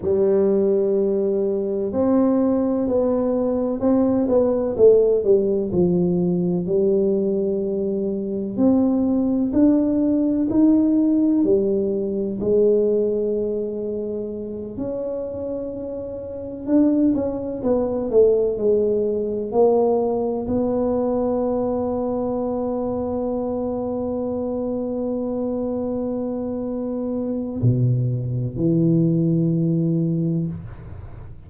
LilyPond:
\new Staff \with { instrumentName = "tuba" } { \time 4/4 \tempo 4 = 63 g2 c'4 b4 | c'8 b8 a8 g8 f4 g4~ | g4 c'4 d'4 dis'4 | g4 gis2~ gis8 cis'8~ |
cis'4. d'8 cis'8 b8 a8 gis8~ | gis8 ais4 b2~ b8~ | b1~ | b4 b,4 e2 | }